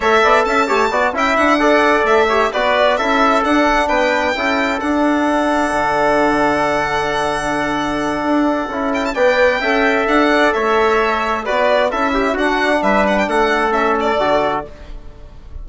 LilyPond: <<
  \new Staff \with { instrumentName = "violin" } { \time 4/4 \tempo 4 = 131 e''4 a''4. g''8 fis''4~ | fis''8 e''4 d''4 e''4 fis''8~ | fis''8 g''2 fis''4.~ | fis''1~ |
fis''2.~ fis''8 g''16 a''16 | g''2 fis''4 e''4~ | e''4 d''4 e''4 fis''4 | e''8 fis''16 g''16 fis''4 e''8 d''4. | }
  \new Staff \with { instrumentName = "trumpet" } { \time 4/4 cis''8 d''8 e''8 cis''8 d''8 e''4 d''8~ | d''4 cis''8 b'4 a'4.~ | a'8 b'4 a'2~ a'8~ | a'1~ |
a'1 | d''4 e''4. d''8 cis''4~ | cis''4 b'4 a'8 g'8 fis'4 | b'4 a'2. | }
  \new Staff \with { instrumentName = "trombone" } { \time 4/4 a'4. g'8 fis'8 e'4 a'8~ | a'4 g'8 fis'4 e'4 d'8~ | d'4. e'4 d'4.~ | d'1~ |
d'2. e'4 | b'4 a'2.~ | a'4 fis'4 e'4 d'4~ | d'2 cis'4 fis'4 | }
  \new Staff \with { instrumentName = "bassoon" } { \time 4/4 a8 b8 cis'8 a8 b8 cis'8 d'4~ | d'8 a4 b4 cis'4 d'8~ | d'8 b4 cis'4 d'4.~ | d'8 d2.~ d8~ |
d2 d'4 cis'4 | b4 cis'4 d'4 a4~ | a4 b4 cis'4 d'4 | g4 a2 d4 | }
>>